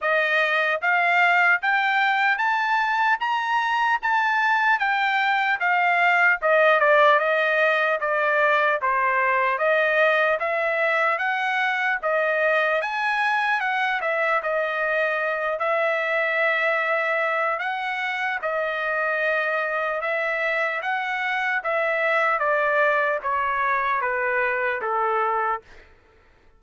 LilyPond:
\new Staff \with { instrumentName = "trumpet" } { \time 4/4 \tempo 4 = 75 dis''4 f''4 g''4 a''4 | ais''4 a''4 g''4 f''4 | dis''8 d''8 dis''4 d''4 c''4 | dis''4 e''4 fis''4 dis''4 |
gis''4 fis''8 e''8 dis''4. e''8~ | e''2 fis''4 dis''4~ | dis''4 e''4 fis''4 e''4 | d''4 cis''4 b'4 a'4 | }